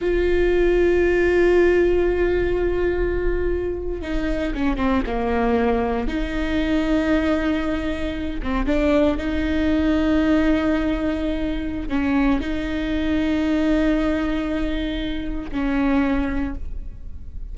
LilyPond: \new Staff \with { instrumentName = "viola" } { \time 4/4 \tempo 4 = 116 f'1~ | f'2.~ f'8. dis'16~ | dis'8. cis'8 c'8 ais2 dis'16~ | dis'1~ |
dis'16 c'8 d'4 dis'2~ dis'16~ | dis'2. cis'4 | dis'1~ | dis'2 cis'2 | }